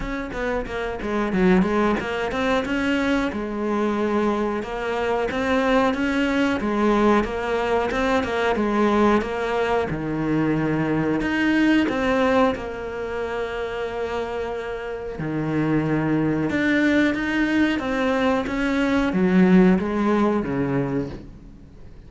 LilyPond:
\new Staff \with { instrumentName = "cello" } { \time 4/4 \tempo 4 = 91 cis'8 b8 ais8 gis8 fis8 gis8 ais8 c'8 | cis'4 gis2 ais4 | c'4 cis'4 gis4 ais4 | c'8 ais8 gis4 ais4 dis4~ |
dis4 dis'4 c'4 ais4~ | ais2. dis4~ | dis4 d'4 dis'4 c'4 | cis'4 fis4 gis4 cis4 | }